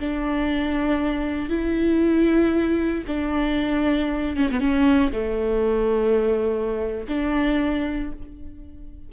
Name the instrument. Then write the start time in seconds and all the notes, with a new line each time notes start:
viola
0.00 D4
1.50 E4
3.08 D4
4.37 C#4
4.51 B3
4.60 C#4
5.13 A3
7.09 D4